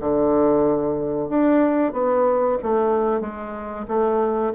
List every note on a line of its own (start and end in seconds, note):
0.00 1.29 D3
1.29 1.92 D4
1.92 2.57 B3
2.62 3.20 A3
3.20 3.85 G#3
3.87 4.53 A3